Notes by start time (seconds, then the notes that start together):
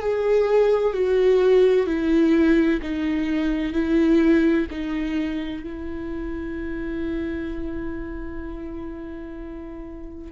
0.00 G#4
0.93 F#4
1.86 E4
2.82 D#4
3.73 E4
4.70 D#4
5.63 E4